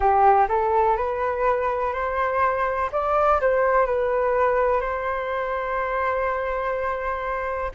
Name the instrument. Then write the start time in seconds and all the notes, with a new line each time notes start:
flute
0.00 G4
0.48 A4
0.96 B4
1.93 C5
2.92 D5
3.40 C5
3.86 B4
4.80 C5